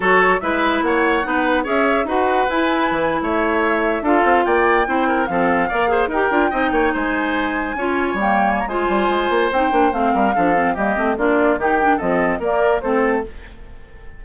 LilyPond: <<
  \new Staff \with { instrumentName = "flute" } { \time 4/4 \tempo 4 = 145 cis''4 e''4 fis''2 | e''4 fis''4 gis''4.~ gis''16 e''16~ | e''4.~ e''16 f''4 g''4~ g''16~ | g''8. f''2 g''4~ g''16~ |
g''8. gis''2. g''16~ | g''8 gis''16 ais''16 gis''2 g''4 | f''2 dis''4 d''4 | g''4 dis''4 d''4 c''4 | }
  \new Staff \with { instrumentName = "oboe" } { \time 4/4 a'4 b'4 cis''4 b'4 | cis''4 b'2~ b'8. cis''16~ | cis''4.~ cis''16 a'4 d''4 c''16~ | c''16 ais'8 a'4 d''8 c''8 ais'4 dis''16~ |
dis''16 cis''8 c''2 cis''4~ cis''16~ | cis''4 c''2.~ | c''8 ais'8 a'4 g'4 f'4 | g'4 a'4 ais'4 a'4 | }
  \new Staff \with { instrumentName = "clarinet" } { \time 4/4 fis'4 e'2 dis'4 | gis'4 fis'4 e'2~ | e'4.~ e'16 f'2 e'16~ | e'8. c'4 ais'8 gis'8 g'8 f'8 dis'16~ |
dis'2~ dis'8. f'4 ais16~ | ais4 f'2 dis'8 d'8 | c'4 d'8 c'8 ais8 c'8 d'4 | dis'8 d'8 c'4 ais4 c'4 | }
  \new Staff \with { instrumentName = "bassoon" } { \time 4/4 fis4 gis4 ais4 b4 | cis'4 dis'4 e'4 e8. a16~ | a4.~ a16 d'8 c'8 ais4 c'16~ | c'8. f4 ais4 dis'8 d'8 c'16~ |
c'16 ais8 gis2 cis'4 g16~ | g4 gis8 g8 gis8 ais8 c'8 ais8 | a8 g8 f4 g8 a8 ais4 | dis4 f4 ais4 a4 | }
>>